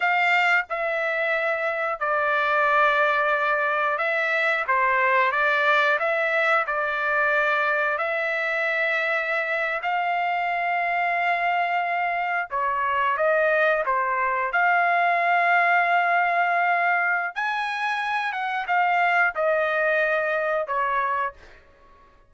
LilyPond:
\new Staff \with { instrumentName = "trumpet" } { \time 4/4 \tempo 4 = 90 f''4 e''2 d''4~ | d''2 e''4 c''4 | d''4 e''4 d''2 | e''2~ e''8. f''4~ f''16~ |
f''2~ f''8. cis''4 dis''16~ | dis''8. c''4 f''2~ f''16~ | f''2 gis''4. fis''8 | f''4 dis''2 cis''4 | }